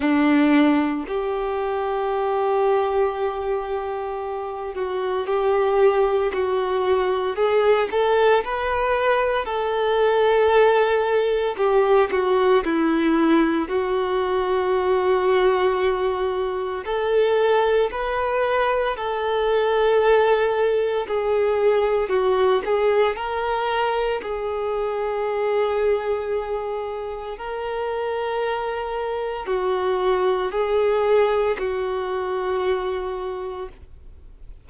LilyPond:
\new Staff \with { instrumentName = "violin" } { \time 4/4 \tempo 4 = 57 d'4 g'2.~ | g'8 fis'8 g'4 fis'4 gis'8 a'8 | b'4 a'2 g'8 fis'8 | e'4 fis'2. |
a'4 b'4 a'2 | gis'4 fis'8 gis'8 ais'4 gis'4~ | gis'2 ais'2 | fis'4 gis'4 fis'2 | }